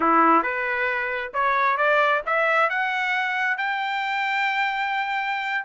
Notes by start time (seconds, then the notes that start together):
0.00 E4
0.42 B4
1.33 C#5
1.77 D5
2.26 E5
2.69 F#5
3.57 G5